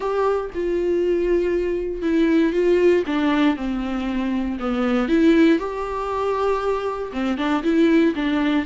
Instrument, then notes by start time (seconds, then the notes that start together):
viola
0.00 G4
0.54 F4
2.02 E4
2.52 F4
3.06 D4
3.56 C4
4.59 B3
5.08 E4
5.58 G4
7.12 C4
7.37 D4
7.63 E4
8.15 D4